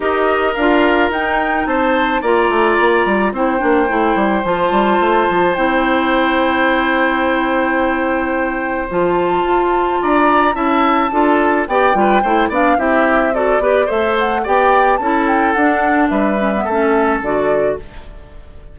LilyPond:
<<
  \new Staff \with { instrumentName = "flute" } { \time 4/4 \tempo 4 = 108 dis''4 f''4 g''4 a''4 | ais''2 g''2 | a''2 g''2~ | g''1 |
a''2 ais''4 a''4~ | a''4 g''4. f''8 e''4 | d''4 e''8 fis''8 g''4 a''8 g''8 | fis''4 e''2 d''4 | }
  \new Staff \with { instrumentName = "oboe" } { \time 4/4 ais'2. c''4 | d''2 c''2~ | c''1~ | c''1~ |
c''2 d''4 e''4 | a'4 d''8 b'8 c''8 d''8 g'4 | a'8 b'8 c''4 d''4 a'4~ | a'4 b'4 a'2 | }
  \new Staff \with { instrumentName = "clarinet" } { \time 4/4 g'4 f'4 dis'2 | f'2 e'8 d'8 e'4 | f'2 e'2~ | e'1 |
f'2. e'4 | f'4 g'8 f'8 e'8 d'8 e'4 | fis'8 g'8 a'4 g'4 e'4 | d'4. cis'16 b16 cis'4 fis'4 | }
  \new Staff \with { instrumentName = "bassoon" } { \time 4/4 dis'4 d'4 dis'4 c'4 | ais8 a8 ais8 g8 c'8 ais8 a8 g8 | f8 g8 a8 f8 c'2~ | c'1 |
f4 f'4 d'4 cis'4 | d'4 b8 g8 a8 b8 c'4~ | c'8 b8 a4 b4 cis'4 | d'4 g4 a4 d4 | }
>>